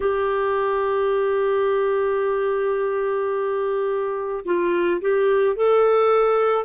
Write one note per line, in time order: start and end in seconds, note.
0.00 4.44 G4
4.45 5.01 F4
5.01 5.56 G4
5.56 6.65 A4